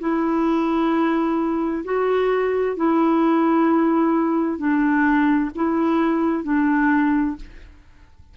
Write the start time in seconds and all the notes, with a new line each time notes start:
0.00 E4
1.85 F#4
2.77 E4
4.59 D4
5.56 E4
6.44 D4